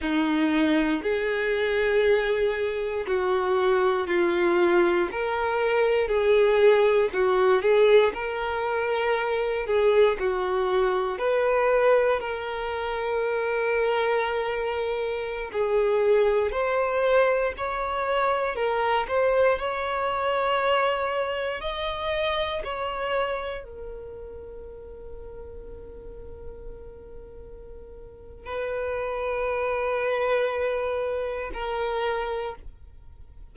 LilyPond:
\new Staff \with { instrumentName = "violin" } { \time 4/4 \tempo 4 = 59 dis'4 gis'2 fis'4 | f'4 ais'4 gis'4 fis'8 gis'8 | ais'4. gis'8 fis'4 b'4 | ais'2.~ ais'16 gis'8.~ |
gis'16 c''4 cis''4 ais'8 c''8 cis''8.~ | cis''4~ cis''16 dis''4 cis''4 ais'8.~ | ais'1 | b'2. ais'4 | }